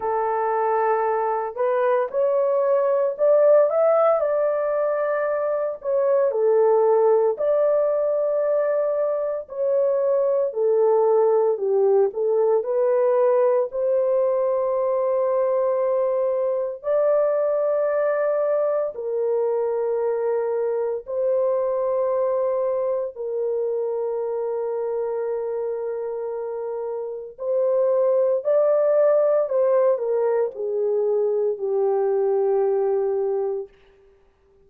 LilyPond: \new Staff \with { instrumentName = "horn" } { \time 4/4 \tempo 4 = 57 a'4. b'8 cis''4 d''8 e''8 | d''4. cis''8 a'4 d''4~ | d''4 cis''4 a'4 g'8 a'8 | b'4 c''2. |
d''2 ais'2 | c''2 ais'2~ | ais'2 c''4 d''4 | c''8 ais'8 gis'4 g'2 | }